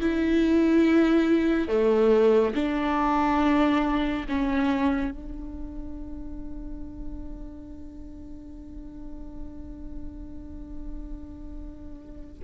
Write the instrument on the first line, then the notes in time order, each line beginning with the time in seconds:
viola
0.00 E4
1.68 A3
2.55 D4
4.28 C#4
5.11 D4